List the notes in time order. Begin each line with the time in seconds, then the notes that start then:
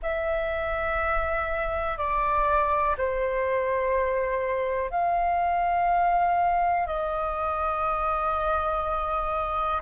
0.02 E5
1.97 D5
2.97 C5
4.90 F5
6.86 D#5